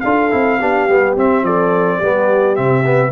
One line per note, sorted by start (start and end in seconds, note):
0.00 0.32 D4
0.00 0.31 F4
0.00 0.60 A4
0.00 1.13 F5
0.31 0.61 C4
0.31 0.59 E4
0.60 0.89 B3
0.60 0.89 D4
0.60 1.44 G4
0.89 1.16 G3
0.89 1.17 B3
1.16 1.43 C4
1.16 2.03 C4
1.16 1.45 E5
1.43 1.99 F3
1.43 1.98 A4
1.43 2.56 D5
1.98 2.58 G3
1.98 2.55 B3
1.98 3.11 G4
2.55 3.12 C3
2.55 2.84 C4
2.55 3.12 E5
2.85 3.12 B3